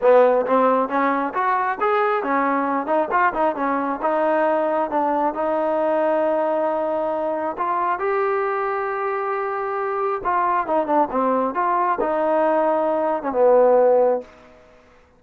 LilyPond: \new Staff \with { instrumentName = "trombone" } { \time 4/4 \tempo 4 = 135 b4 c'4 cis'4 fis'4 | gis'4 cis'4. dis'8 f'8 dis'8 | cis'4 dis'2 d'4 | dis'1~ |
dis'4 f'4 g'2~ | g'2. f'4 | dis'8 d'8 c'4 f'4 dis'4~ | dis'4.~ dis'16 cis'16 b2 | }